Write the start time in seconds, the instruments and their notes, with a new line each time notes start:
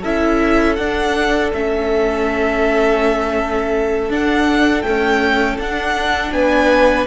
0.00 cello C#4, viola E4, violin A4 E5
0.76 cello D4, viola D4, violin F#5
1.53 cello A3, viola C#4, violin E5
4.09 cello D4, viola D4, violin F#5
4.82 viola A3, cello C#4, violin G5
5.58 cello D4, viola D4, violin F#5
6.32 cello B3, violin B4 G#5